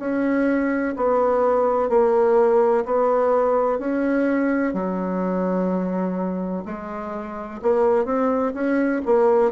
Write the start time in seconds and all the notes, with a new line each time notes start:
0.00 C#4
0.97 B3
1.90 A#3
2.86 B3
3.79 C#4
4.74 F#3
6.65 G#3
7.62 A#3
8.06 C4
8.55 C#4
9.06 A#3